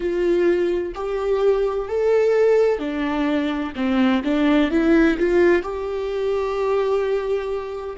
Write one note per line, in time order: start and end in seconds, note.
0.00 0.93 F4
0.95 1.88 G4
1.88 2.79 A4
2.79 3.72 D4
3.75 4.22 C4
4.24 4.70 D4
4.70 5.17 E4
5.18 5.62 F4
5.62 7.96 G4